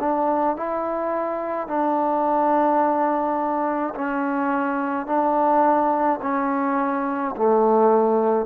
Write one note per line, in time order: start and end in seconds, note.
0.00 0.57 D4
0.57 1.68 E4
1.68 3.95 D4
3.95 5.07 C#4
5.07 6.20 D4
6.23 7.36 C#4
7.37 8.46 A3